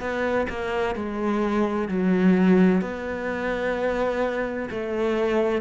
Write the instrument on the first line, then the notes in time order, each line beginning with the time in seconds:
cello
0.00 B3
0.49 A#3
0.95 G#3
1.88 F#3
2.81 B3
4.70 A3